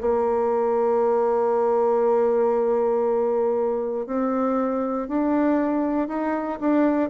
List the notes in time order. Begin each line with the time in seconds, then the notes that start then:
0.00 A#3
4.06 C4
5.08 D4
6.08 D#4
6.61 D4